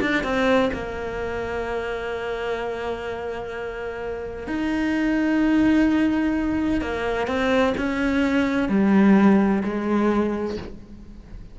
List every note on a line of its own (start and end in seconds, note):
0.00 0.23 D4
0.23 0.70 C4
0.73 4.47 A#3
4.47 6.81 D#4
6.81 7.27 A#3
7.27 7.74 C4
7.77 8.68 C#4
8.68 9.62 G3
9.63 10.57 G#3